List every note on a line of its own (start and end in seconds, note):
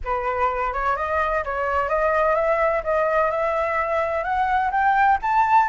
0.04 0.73 B4
0.73 0.96 C#5
0.96 1.43 D#5
1.44 1.88 C#5
1.88 2.35 D#5
2.35 2.82 E5
2.83 3.30 D#5
3.30 4.23 E5
4.23 4.71 F#5
4.71 5.18 G5
5.22 5.69 A5